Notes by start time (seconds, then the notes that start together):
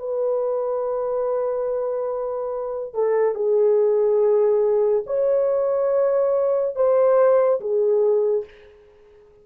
0.00 B4
2.94 A4
3.35 G#4
5.07 C#5
6.76 C5
7.61 G#4